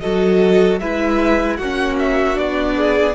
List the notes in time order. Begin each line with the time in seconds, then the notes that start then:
0.00 F#3 F#4 A4 D#5
0.79 G#3 E4 B4 E5
1.56 A#3 F#4 F#5
1.63 C#4
1.99 E5
2.34 B3 D4 D5
2.76 G#4